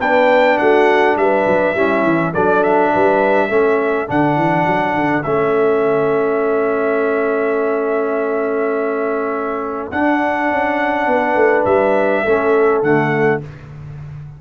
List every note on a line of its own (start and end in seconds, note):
0.00 0.58 B3
0.00 1.76 D4
0.00 0.59 B4
0.00 0.58 G5
0.58 1.16 A3
0.58 1.17 F#4
0.58 1.16 F#5
1.16 1.45 G3
1.16 1.76 B4
1.16 2.34 E5
1.47 1.75 F#3
1.75 2.03 G3
1.75 2.34 C#4
1.75 2.34 E4
2.03 2.32 E3
2.34 2.93 F#3
2.34 3.49 D4
2.34 2.92 A4
2.34 2.63 D5
2.63 4.09 E5
2.93 3.49 G3
2.93 3.48 B4
3.48 4.07 A3
3.48 4.07 C#4
3.48 11.06 A4
4.07 4.36 D3
4.07 5.23 D4
4.07 5.23 F#5
4.36 4.66 E3
4.66 4.94 F#3
4.94 5.24 D3
5.23 9.91 A3
5.23 9.92 C#4
5.23 9.89 E5
9.91 10.50 D4
9.91 12.25 D4
9.91 11.65 F#5
10.50 11.07 C#4
11.07 11.36 B3
11.07 12.24 B4
11.36 11.65 A3
11.65 12.24 G3
11.65 12.81 E5
12.24 12.82 A3
12.24 12.83 C#4
12.24 13.40 A4
12.82 13.41 D3
12.82 13.41 A3
12.82 13.41 F#5